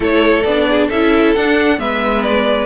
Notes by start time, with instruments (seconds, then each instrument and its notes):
0.00 cello A3, viola E4, violin A4 C#5
0.43 cello B3, viola D4, violin D5
0.69 violin G#4
0.87 cello C#4, viola E4, violin A4 E5
1.35 viola D4, cello D4, violin F#5
1.77 cello G#3, viola B3, violin B4 E5
2.23 violin D5